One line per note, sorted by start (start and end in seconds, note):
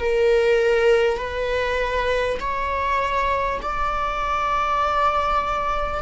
0.00 1.17 A#4
1.17 2.37 B4
2.41 3.61 C#5
3.62 6.02 D5